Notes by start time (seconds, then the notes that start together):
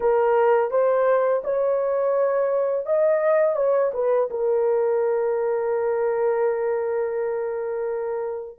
0.00 A#4
0.70 C5
1.44 C#5
2.85 D#5
3.56 C#5
3.93 B4
4.30 A#4